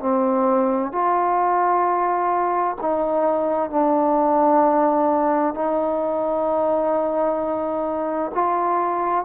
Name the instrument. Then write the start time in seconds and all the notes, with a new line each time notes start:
trombone
0.00 C4
0.92 F4
2.82 D#4
3.70 D4
5.55 D#4
8.35 F4